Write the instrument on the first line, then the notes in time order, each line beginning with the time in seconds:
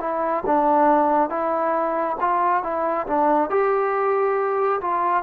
trombone
0.00 E4
0.46 D4
1.29 E4
2.20 F4
2.63 E4
3.06 D4
3.50 G4
4.81 F4